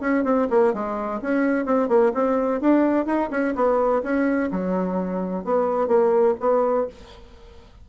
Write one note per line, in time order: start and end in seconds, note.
0.00 0.24 C#4
0.24 0.47 C4
0.50 0.73 A#3
0.73 1.20 G#3
1.21 1.65 C#4
1.65 1.88 C4
1.88 2.12 A#3
2.14 2.60 C4
2.60 3.06 D4
3.06 3.29 D#4
3.30 3.54 C#4
3.55 4.02 B3
4.02 4.50 C#4
4.51 5.44 F#3
5.44 5.87 B3
5.87 6.35 A#3
6.40 6.87 B3